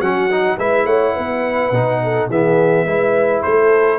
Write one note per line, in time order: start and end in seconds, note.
0.00 0.57 F#3
0.00 0.30 C#4
0.00 0.57 F#4
0.00 0.58 F#5
0.30 0.59 D#4
0.57 0.85 G#3
0.57 1.73 E4
0.57 0.86 B4
0.57 0.86 E5
0.85 1.13 A3
0.85 1.14 C#5
0.85 2.29 F#5
1.14 1.71 B3
1.14 2.00 B4
1.71 2.28 B2
1.71 2.31 D#4
2.03 2.28 A4
2.28 2.85 E3
2.28 2.87 B3
2.28 2.85 G#4
2.28 3.42 E5
2.85 3.43 G#3
2.85 3.99 E4
2.85 3.42 B4
3.42 3.99 A3
3.42 3.99 A4
3.42 3.99 C5